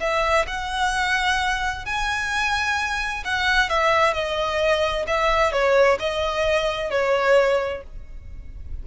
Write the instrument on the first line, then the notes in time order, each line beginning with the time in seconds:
violin
0.00 E5
0.47 F#5
1.86 G#5
3.25 F#5
3.70 E5
4.14 D#5
5.07 E5
5.52 C#5
6.00 D#5
6.91 C#5